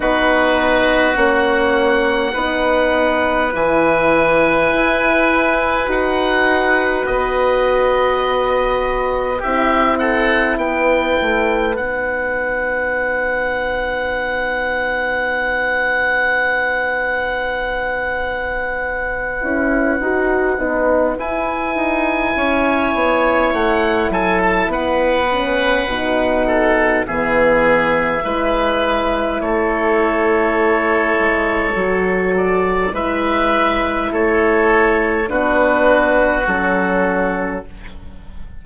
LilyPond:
<<
  \new Staff \with { instrumentName = "oboe" } { \time 4/4 \tempo 4 = 51 b'4 fis''2 gis''4~ | gis''4 fis''4 dis''2 | e''8 fis''8 g''4 fis''2~ | fis''1~ |
fis''2 gis''2 | fis''8 gis''16 a''16 fis''2 e''4~ | e''4 cis''2~ cis''8 d''8 | e''4 cis''4 b'4 a'4 | }
  \new Staff \with { instrumentName = "oboe" } { \time 4/4 fis'2 b'2~ | b'1 | g'8 a'8 b'2.~ | b'1~ |
b'2. cis''4~ | cis''8 a'8 b'4. a'8 gis'4 | b'4 a'2. | b'4 a'4 fis'2 | }
  \new Staff \with { instrumentName = "horn" } { \time 4/4 dis'4 cis'4 dis'4 e'4~ | e'4 fis'2. | e'2 dis'2~ | dis'1~ |
dis'8 e'8 fis'8 dis'8 e'2~ | e'4. cis'8 dis'4 b4 | e'2. fis'4 | e'2 d'4 cis'4 | }
  \new Staff \with { instrumentName = "bassoon" } { \time 4/4 b4 ais4 b4 e4 | e'4 dis'4 b2 | c'4 b8 a8 b2~ | b1~ |
b8 cis'8 dis'8 b8 e'8 dis'8 cis'8 b8 | a8 fis8 b4 b,4 e4 | gis4 a4. gis8 fis4 | gis4 a4 b4 fis4 | }
>>